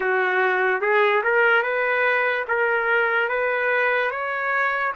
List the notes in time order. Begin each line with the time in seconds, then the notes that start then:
0.00 F#4
0.81 G#4
1.23 A#4
1.63 B4
2.48 A#4
3.29 B4
4.11 C#5